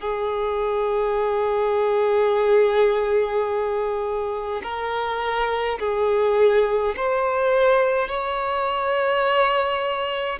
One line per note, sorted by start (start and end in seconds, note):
0.00 4.62 G#4
4.63 5.78 A#4
5.80 6.95 G#4
6.97 8.09 C5
8.09 10.40 C#5